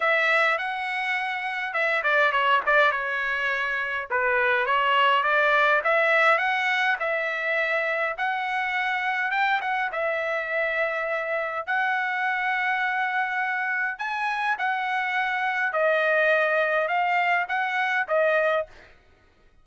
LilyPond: \new Staff \with { instrumentName = "trumpet" } { \time 4/4 \tempo 4 = 103 e''4 fis''2 e''8 d''8 | cis''8 d''8 cis''2 b'4 | cis''4 d''4 e''4 fis''4 | e''2 fis''2 |
g''8 fis''8 e''2. | fis''1 | gis''4 fis''2 dis''4~ | dis''4 f''4 fis''4 dis''4 | }